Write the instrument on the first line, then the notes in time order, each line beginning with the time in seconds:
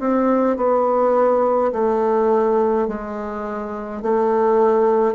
bassoon
0.00 C4
0.57 B3
1.73 A3
2.88 G#3
4.02 A3